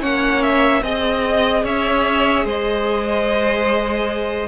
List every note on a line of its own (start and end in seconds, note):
0.00 0.82 A#3
0.00 0.81 C#4
0.00 0.82 C#5
0.00 0.42 F#5
0.42 0.82 E5
0.82 1.63 C4
0.82 4.47 G#4
0.82 1.63 D#5
0.82 1.64 D#5
1.63 2.44 C#4
1.63 2.45 C#5
1.63 2.46 E5
2.44 4.47 G#3
2.44 4.47 C5
2.44 4.47 D#5